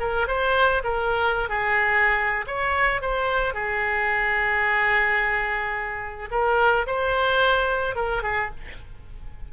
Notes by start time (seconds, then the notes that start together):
0.00 A#4
0.28 C5
0.84 A#4
1.49 G#4
2.47 C#5
3.02 C5
3.54 G#4
6.31 A#4
6.87 C5
7.95 A#4
8.23 G#4